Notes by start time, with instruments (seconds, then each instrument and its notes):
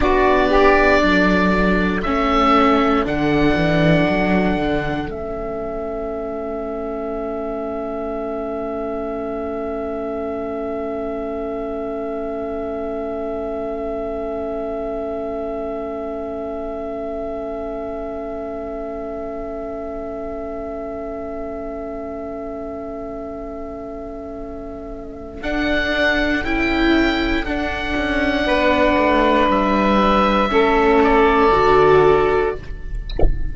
0.00 cello B3, viola D4, saxophone F#4, oboe D5
0.49 saxophone G4
1.02 cello F#3, saxophone A4
2.02 cello A3, viola C#4, oboe E5
3.05 cello D3, viola D4, oboe F#5
3.54 cello E3
4.09 cello F#3
4.56 cello D3
5.08 cello A3, viola C#4, oboe E5
25.41 cello D4, viola D4, oboe F#5
26.44 cello C#4, viola E4, oboe G5
27.43 cello D4, viola D4, oboe F#5
27.95 cello C#4
28.45 cello B3, saxophone B4
28.97 cello A3
29.47 cello G3, oboe E5
30.49 cello A3, viola C#4, saxophone A4
31.03 oboe D5
31.52 cello D3, viola F#4